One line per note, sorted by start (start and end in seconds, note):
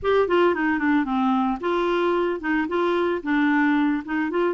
0.02 0.28 G4
0.28 0.54 F4
0.54 0.78 D#4
0.78 1.04 D4
1.04 1.58 C4
1.60 2.40 F4
2.40 2.67 D#4
2.68 3.21 F4
3.22 4.03 D4
4.04 4.30 D#4
4.30 4.54 F4